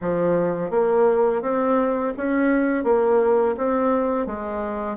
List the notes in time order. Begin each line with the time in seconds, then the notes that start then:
0.01 F3
0.70 A#3
1.42 C4
2.17 C#4
2.84 A#3
3.57 C4
4.26 G#3